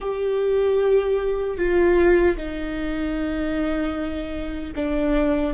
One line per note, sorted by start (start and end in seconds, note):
0.00 1.57 G4
1.57 2.36 F4
2.36 4.73 D#4
4.75 5.53 D4